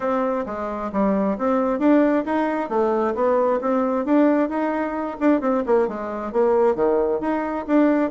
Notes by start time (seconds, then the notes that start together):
0.00 C4
0.46 G#3
0.92 G3
1.38 C4
1.79 D4
2.25 D#4
2.69 A3
3.15 B3
3.60 C4
4.05 D4
4.49 D#4
5.20 D4
5.41 C4
5.65 A#3
5.87 G#3
6.32 A#3
6.75 D#3
7.20 D#4
7.67 D4